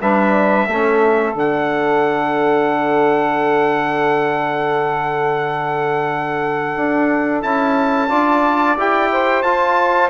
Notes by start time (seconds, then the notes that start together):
0.00 G3 D4 B4 E5
0.67 A3 C#4 A4
1.33 D3 D4 F#5
6.76 D4
7.41 C#4 E4 A5
8.08 D4 F4 D5
8.77 E4 G4 G5
9.12 C5
9.42 F4 A5